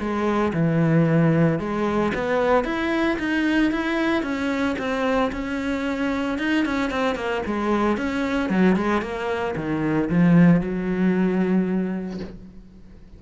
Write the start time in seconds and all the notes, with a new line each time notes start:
0.00 G#3
0.54 E3
1.60 G#3
2.15 B3
2.65 E4
3.19 D#4
3.72 E4
4.23 C#4
4.79 C4
5.32 C#4
6.39 D#4
6.66 C#4
6.91 C4
7.16 A#3
7.46 G#3
7.98 C#4
8.50 F#3
8.77 G#3
9.02 A#3
9.56 D#3
10.10 F3
10.61 F#3